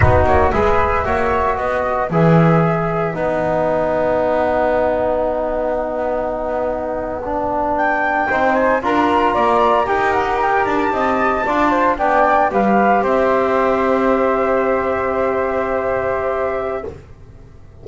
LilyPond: <<
  \new Staff \with { instrumentName = "flute" } { \time 4/4 \tempo 4 = 114 b'8 cis''8 e''2 dis''4 | e''2 fis''2~ | fis''1~ | fis''2~ fis''8. g''4~ g''16~ |
g''16 gis''8 ais''2 g''8 fis''8 g''16~ | g''16 a''2~ a''8 g''4 f''16~ | f''8. e''2.~ e''16~ | e''1 | }
  \new Staff \with { instrumentName = "flute" } { \time 4/4 fis'4 b'4 cis''4 b'4~ | b'1~ | b'1~ | b'2.~ b'8. c''16~ |
c''8. ais'4 d''4 ais'4~ ais'16~ | ais'8. dis''4 d''8 c''8 d''4 b'16~ | b'8. c''2.~ c''16~ | c''1 | }
  \new Staff \with { instrumentName = "trombone" } { \time 4/4 dis'4 gis'4 fis'2 | gis'2 dis'2~ | dis'1~ | dis'4.~ dis'16 d'2 dis'16~ |
dis'8. f'2 g'4~ g'16~ | g'4.~ g'16 f'4 d'4 g'16~ | g'1~ | g'1 | }
  \new Staff \with { instrumentName = "double bass" } { \time 4/4 b8 ais8 gis4 ais4 b4 | e2 b2~ | b1~ | b2.~ b8. c'16~ |
c'8. d'4 ais4 dis'4~ dis'16~ | dis'16 d'8 c'4 d'4 b4 g16~ | g8. c'2.~ c'16~ | c'1 | }
>>